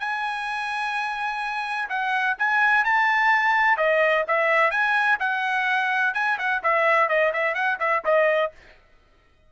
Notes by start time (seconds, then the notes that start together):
0.00 G#5
1.90 F#5
2.38 G#5
2.85 A5
3.78 D#5
4.28 E5
4.71 G#5
5.20 F#5
6.14 G#5
6.38 F#5
6.63 E5
7.09 D#5
7.34 E5
7.54 F#5
7.80 E5
8.05 D#5